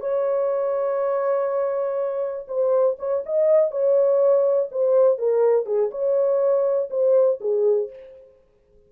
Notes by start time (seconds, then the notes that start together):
0.00 C#5
2.48 C5
2.99 C#5
3.25 D#5
3.71 C#5
4.71 C5
5.18 A#4
5.66 G#4
5.91 C#5
6.90 C5
7.41 G#4